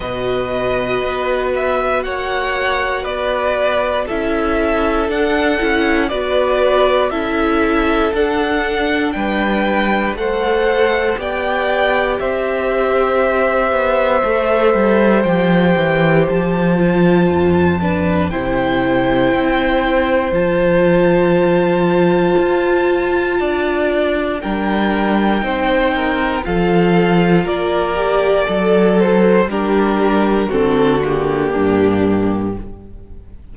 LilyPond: <<
  \new Staff \with { instrumentName = "violin" } { \time 4/4 \tempo 4 = 59 dis''4. e''8 fis''4 d''4 | e''4 fis''4 d''4 e''4 | fis''4 g''4 fis''4 g''4 | e''2. g''4 |
a''2 g''2 | a''1 | g''2 f''4 d''4~ | d''8 c''8 ais'4 a'8 g'4. | }
  \new Staff \with { instrumentName = "violin" } { \time 4/4 b'2 cis''4 b'4 | a'2 b'4 a'4~ | a'4 b'4 c''4 d''4 | c''1~ |
c''4. b'8 c''2~ | c''2. d''4 | ais'4 c''8 ais'8 a'4 ais'4 | a'4 g'4 fis'4 d'4 | }
  \new Staff \with { instrumentName = "viola" } { \time 4/4 fis'1 | e'4 d'8 e'8 fis'4 e'4 | d'2 a'4 g'4~ | g'2 a'4 g'4~ |
g'8 f'4 d'8 e'2 | f'1 | d'4 dis'4 f'4. g'8 | a'4 d'4 c'8 ais4. | }
  \new Staff \with { instrumentName = "cello" } { \time 4/4 b,4 b4 ais4 b4 | cis'4 d'8 cis'8 b4 cis'4 | d'4 g4 a4 b4 | c'4. b8 a8 g8 f8 e8 |
f4 f,4 c4 c'4 | f2 f'4 d'4 | g4 c'4 f4 ais4 | fis4 g4 d4 g,4 | }
>>